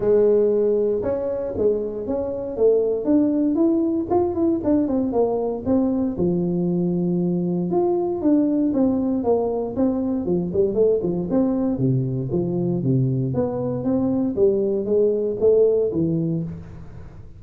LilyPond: \new Staff \with { instrumentName = "tuba" } { \time 4/4 \tempo 4 = 117 gis2 cis'4 gis4 | cis'4 a4 d'4 e'4 | f'8 e'8 d'8 c'8 ais4 c'4 | f2. f'4 |
d'4 c'4 ais4 c'4 | f8 g8 a8 f8 c'4 c4 | f4 c4 b4 c'4 | g4 gis4 a4 e4 | }